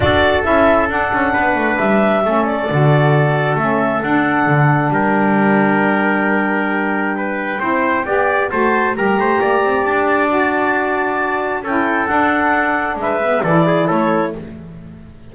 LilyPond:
<<
  \new Staff \with { instrumentName = "clarinet" } { \time 4/4 \tempo 4 = 134 d''4 e''4 fis''2 | e''4. d''2~ d''8 | e''4 fis''2 g''4~ | g''1~ |
g''2. a''4 | ais''2 a''2~ | a''2 g''4 fis''4~ | fis''4 e''4 d''4 cis''4 | }
  \new Staff \with { instrumentName = "trumpet" } { \time 4/4 a'2. b'4~ | b'4 a'2.~ | a'2. ais'4~ | ais'1 |
b'4 c''4 d''4 c''4 | ais'8 c''8 d''2.~ | d''2 a'2~ | a'4 b'4 a'8 gis'8 a'4 | }
  \new Staff \with { instrumentName = "saxophone" } { \time 4/4 fis'4 e'4 d'2~ | d'4 cis'4 fis'2 | cis'4 d'2.~ | d'1~ |
d'4 e'4 g'4 fis'4 | g'2. fis'4~ | fis'2 e'4 d'4~ | d'4. b8 e'2 | }
  \new Staff \with { instrumentName = "double bass" } { \time 4/4 d'4 cis'4 d'8 cis'8 b8 a8 | g4 a4 d2 | a4 d'4 d4 g4~ | g1~ |
g4 c'4 b4 a4 | g8 a8 ais8 c'8 d'2~ | d'2 cis'4 d'4~ | d'4 gis4 e4 a4 | }
>>